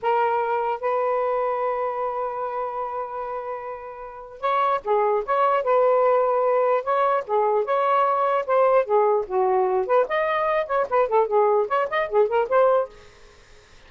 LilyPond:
\new Staff \with { instrumentName = "saxophone" } { \time 4/4 \tempo 4 = 149 ais'2 b'2~ | b'1~ | b'2. cis''4 | gis'4 cis''4 b'2~ |
b'4 cis''4 gis'4 cis''4~ | cis''4 c''4 gis'4 fis'4~ | fis'8 b'8 dis''4. cis''8 b'8 a'8 | gis'4 cis''8 dis''8 gis'8 ais'8 c''4 | }